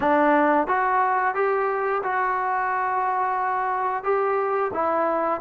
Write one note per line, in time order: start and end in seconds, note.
0.00 0.67 D4
0.67 1.34 F#4
1.34 2.02 G4
2.03 4.03 F#4
4.03 4.71 G4
4.73 5.41 E4